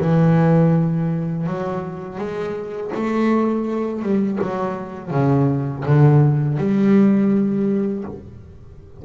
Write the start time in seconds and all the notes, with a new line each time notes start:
0.00 E3
1.47 F#3
2.18 G#3
2.94 A3
4.02 G3
4.41 F#3
5.11 C#3
5.85 D3
6.58 G3